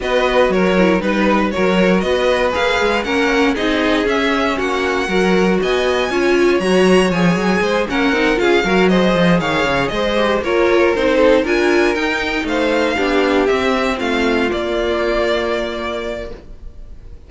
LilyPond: <<
  \new Staff \with { instrumentName = "violin" } { \time 4/4 \tempo 4 = 118 dis''4 cis''4 b'4 cis''4 | dis''4 f''4 fis''4 dis''4 | e''4 fis''2 gis''4~ | gis''4 ais''4 gis''4. fis''8~ |
fis''8 f''4 dis''4 f''4 dis''8~ | dis''8 cis''4 c''4 gis''4 g''8~ | g''8 f''2 e''4 f''8~ | f''8 d''2.~ d''8 | }
  \new Staff \with { instrumentName = "violin" } { \time 4/4 b'4 ais'4 b'4 ais'4 | b'2 ais'4 gis'4~ | gis'4 fis'4 ais'4 dis''4 | cis''2. c''8 ais'8~ |
ais'8 gis'8 ais'8 c''4 cis''4 c''8~ | c''8 ais'4. a'8 ais'4.~ | ais'8 c''4 g'2 f'8~ | f'1 | }
  \new Staff \with { instrumentName = "viola" } { \time 4/4 fis'4. e'8 dis'4 fis'4~ | fis'4 gis'4 cis'4 dis'4 | cis'2 fis'2 | f'4 fis'4 gis'4. cis'8 |
dis'8 f'8 fis'8 gis'2~ gis'8 | g'8 f'4 dis'4 f'4 dis'8~ | dis'4. d'4 c'4.~ | c'8 ais2.~ ais8 | }
  \new Staff \with { instrumentName = "cello" } { \time 4/4 b4 fis4 g4 fis4 | b4 ais8 gis8 ais4 c'4 | cis'4 ais4 fis4 b4 | cis'4 fis4 f8 fis8 gis8 ais8 |
c'8 cis'8 fis4 f8 dis8 cis8 gis8~ | gis8 ais4 c'4 d'4 dis'8~ | dis'8 a4 b4 c'4 a8~ | a8 ais2.~ ais8 | }
>>